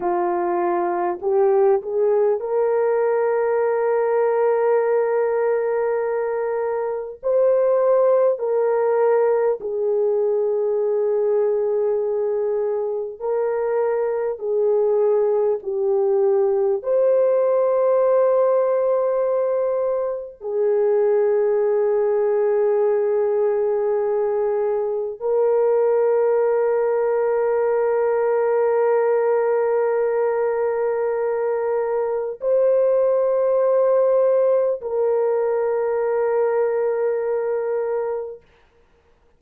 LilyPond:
\new Staff \with { instrumentName = "horn" } { \time 4/4 \tempo 4 = 50 f'4 g'8 gis'8 ais'2~ | ais'2 c''4 ais'4 | gis'2. ais'4 | gis'4 g'4 c''2~ |
c''4 gis'2.~ | gis'4 ais'2.~ | ais'2. c''4~ | c''4 ais'2. | }